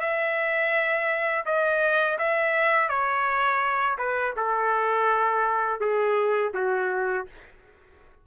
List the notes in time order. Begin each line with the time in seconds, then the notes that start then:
0.00 E5
1.45 D#5
2.18 E5
2.88 C#5
3.98 B4
4.36 A4
5.80 G#4
6.54 F#4